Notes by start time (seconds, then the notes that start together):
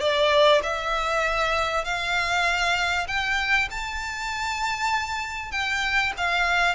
0.00 D5
0.63 E5
1.84 F5
3.08 G5
3.70 A5
5.51 G5
6.17 F5